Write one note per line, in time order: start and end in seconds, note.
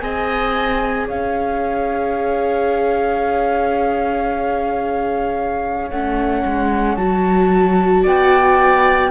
0.00 1.09 C4
0.00 5.91 G#4
0.00 1.07 D#5
0.00 1.07 G#5
1.07 5.91 C#4
1.07 8.03 C#5
1.07 5.90 F5
5.90 6.44 A3
5.90 6.98 C#4
5.90 6.96 F#5
6.45 6.97 G#3
6.96 8.04 F#3
6.96 9.10 F#4
6.96 8.03 A5
8.03 9.10 B3
8.03 9.10 D5
8.03 9.10 G5